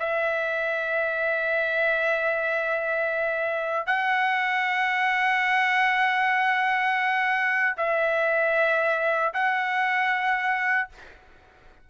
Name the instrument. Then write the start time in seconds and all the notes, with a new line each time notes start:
trumpet
0.00 E5
3.87 F#5
7.78 E5
9.34 F#5